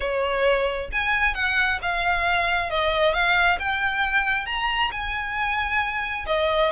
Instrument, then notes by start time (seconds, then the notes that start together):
violin
0.00 C#5
0.92 G#5
1.34 F#5
1.82 F5
2.69 D#5
3.13 F5
3.59 G5
4.46 A#5
4.91 G#5
6.26 D#5